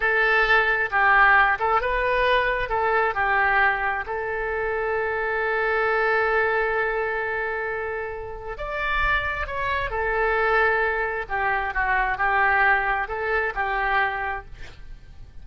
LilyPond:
\new Staff \with { instrumentName = "oboe" } { \time 4/4 \tempo 4 = 133 a'2 g'4. a'8 | b'2 a'4 g'4~ | g'4 a'2.~ | a'1~ |
a'2. d''4~ | d''4 cis''4 a'2~ | a'4 g'4 fis'4 g'4~ | g'4 a'4 g'2 | }